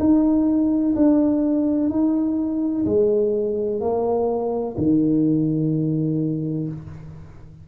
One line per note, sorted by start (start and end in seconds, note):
0.00 0.95 D#4
0.96 1.90 D4
1.90 2.85 D#4
2.86 3.81 G#3
3.81 4.76 A#3
4.78 6.68 D#3